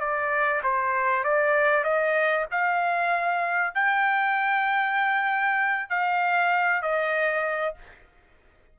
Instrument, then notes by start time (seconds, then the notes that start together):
trumpet
0.00 D5
0.63 C5
1.24 D5
1.84 D#5
2.51 F5
3.75 G5
5.90 F5
6.82 D#5